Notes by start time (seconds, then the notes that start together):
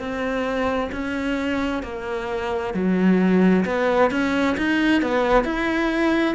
0.00 C4
0.92 C#4
1.83 A#3
2.74 F#3
3.66 B3
4.12 C#4
4.58 D#4
5.02 B3
5.45 E4